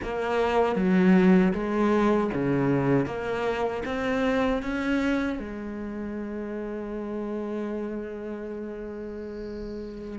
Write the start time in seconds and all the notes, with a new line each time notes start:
0.03 A#3
0.75 F#3
1.53 G#3
2.33 C#3
3.06 A#3
3.85 C4
4.62 C#4
5.39 G#3